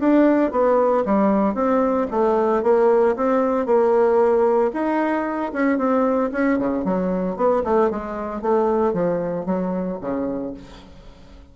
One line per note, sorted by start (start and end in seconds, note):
0.00 0.51 D4
0.51 1.04 B3
1.05 1.55 G3
1.55 2.07 C4
2.11 2.63 A3
2.63 3.16 A#3
3.16 3.66 C4
3.66 4.72 A#3
4.73 5.52 D#4
5.53 5.78 C#4
5.78 6.31 C4
6.32 6.59 C#4
6.59 6.85 C#3
6.85 7.37 F#3
7.37 7.63 B3
7.64 7.90 A3
7.90 8.42 G#3
8.42 8.94 A3
8.94 9.46 F3
9.46 9.99 F#3
10.01 10.54 C#3